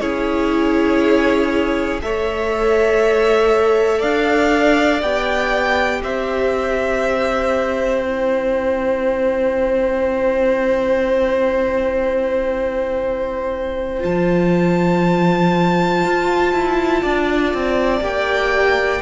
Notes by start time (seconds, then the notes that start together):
0.00 C#4 E4 G#4 C#5
2.01 A3 A4 C#5 E5
3.99 D4 D5 F5
5.02 B3 G4 G5
6.03 C4 C5 E5
8.03 E4 G5
14.00 F3 F4 A5
16.04 F4
16.52 E4
17.02 D4 D5
17.53 C4
18.00 A#3 G4 G5